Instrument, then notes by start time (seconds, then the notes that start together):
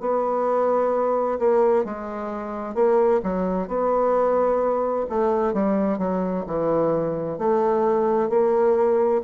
bassoon
0.00 B3
1.39 A#3
1.84 G#3
2.74 A#3
3.23 F#3
3.68 B3
5.09 A3
5.53 G3
5.98 F#3
6.47 E3
7.38 A3
8.29 A#3